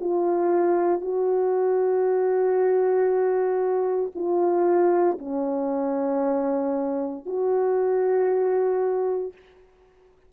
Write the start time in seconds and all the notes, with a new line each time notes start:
0.00 F4
1.01 F#4
4.15 F4
5.19 C#4
7.26 F#4